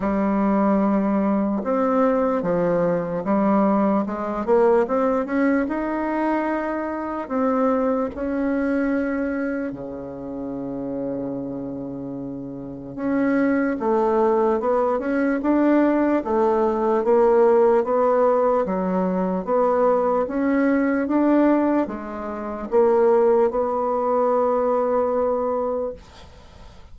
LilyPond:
\new Staff \with { instrumentName = "bassoon" } { \time 4/4 \tempo 4 = 74 g2 c'4 f4 | g4 gis8 ais8 c'8 cis'8 dis'4~ | dis'4 c'4 cis'2 | cis1 |
cis'4 a4 b8 cis'8 d'4 | a4 ais4 b4 fis4 | b4 cis'4 d'4 gis4 | ais4 b2. | }